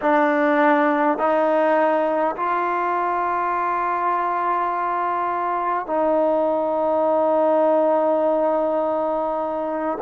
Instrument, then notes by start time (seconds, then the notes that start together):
trombone
0.01 D4
1.18 D#4
2.36 F4
5.86 D#4